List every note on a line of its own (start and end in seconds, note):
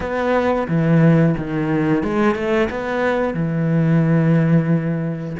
0.00 0.67 B3
0.68 1.35 E3
1.37 2.03 D#3
2.03 2.35 G#3
2.35 2.68 A3
2.70 3.34 B3
3.34 5.36 E3